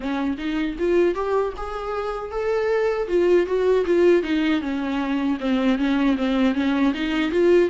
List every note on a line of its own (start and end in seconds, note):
0.00 0.36 C#4
0.37 0.76 D#4
0.79 1.14 F4
1.14 1.53 G4
1.57 2.31 G#4
2.31 3.08 A4
3.08 3.46 F4
3.46 3.84 F#4
3.85 4.22 F4
4.22 4.61 D#4
4.61 5.38 C#4
5.40 5.78 C4
5.78 6.16 C#4
6.17 6.54 C4
6.54 6.93 C#4
6.93 7.31 D#4
7.31 7.69 F4